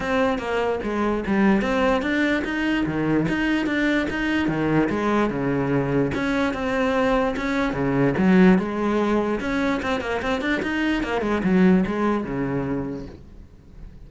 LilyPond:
\new Staff \with { instrumentName = "cello" } { \time 4/4 \tempo 4 = 147 c'4 ais4 gis4 g4 | c'4 d'4 dis'4 dis4 | dis'4 d'4 dis'4 dis4 | gis4 cis2 cis'4 |
c'2 cis'4 cis4 | fis4 gis2 cis'4 | c'8 ais8 c'8 d'8 dis'4 ais8 gis8 | fis4 gis4 cis2 | }